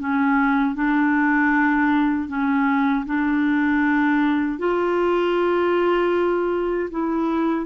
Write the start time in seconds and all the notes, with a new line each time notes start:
0.00 C#4
0.76 D4
2.28 C#4
3.06 D4
4.59 F4
6.91 E4